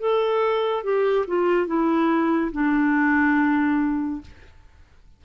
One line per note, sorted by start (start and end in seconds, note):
0.00 0.84 A4
0.84 1.26 G4
1.28 1.67 F4
1.67 2.52 E4
2.52 4.21 D4